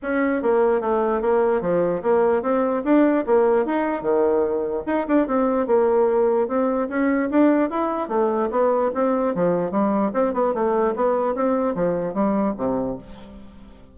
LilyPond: \new Staff \with { instrumentName = "bassoon" } { \time 4/4 \tempo 4 = 148 cis'4 ais4 a4 ais4 | f4 ais4 c'4 d'4 | ais4 dis'4 dis2 | dis'8 d'8 c'4 ais2 |
c'4 cis'4 d'4 e'4 | a4 b4 c'4 f4 | g4 c'8 b8 a4 b4 | c'4 f4 g4 c4 | }